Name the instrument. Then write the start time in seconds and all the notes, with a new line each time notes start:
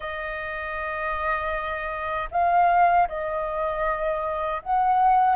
flute
0.00 D#5
2.31 F5
3.08 D#5
4.62 F#5